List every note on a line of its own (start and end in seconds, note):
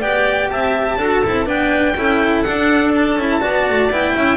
0.00 0.50 B3
0.00 0.99 G4
0.00 0.49 D5
0.00 0.50 G5
0.50 0.97 C4
0.50 0.97 E5
0.50 1.48 A5
0.97 1.21 D4
0.97 1.24 F#4
0.97 1.46 A4
1.25 1.47 C4
1.25 1.46 E4
1.46 1.96 B3
1.46 1.94 D4
1.46 1.95 B4
1.46 2.42 G5
1.96 2.45 C#4
1.96 2.46 E4
1.96 3.41 A4
2.42 3.16 D4
2.42 3.20 D4
2.42 2.91 F#5
2.95 3.92 A5
3.16 3.40 C#4
3.16 3.40 E4
3.40 3.69 B3
3.40 3.89 F#4
3.40 4.14 D5
3.69 3.89 A3
3.89 4.14 B3
3.89 4.36 E4
3.89 4.36 G5
4.14 4.36 C#4
4.14 4.36 E5